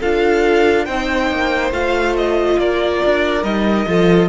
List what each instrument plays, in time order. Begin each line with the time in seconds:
0.00 cello D4, viola F4, violin A4 F5
0.86 cello C4, viola D#4, violin C5 G5
1.31 cello A#3
1.71 cello A3, viola F4, violin F5
2.17 violin D#5
2.59 cello A#3, violin A#4 D5
3.06 cello D4
3.43 cello G3, viola D#4, violin D#5
3.87 cello F3, viola F4, violin A4